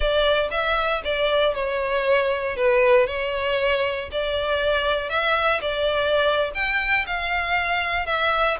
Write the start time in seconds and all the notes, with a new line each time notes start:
0.00 D5
0.50 E5
1.04 D5
1.54 C#5
2.56 B4
3.07 C#5
4.11 D5
5.09 E5
5.61 D5
6.54 G5
7.06 F5
8.06 E5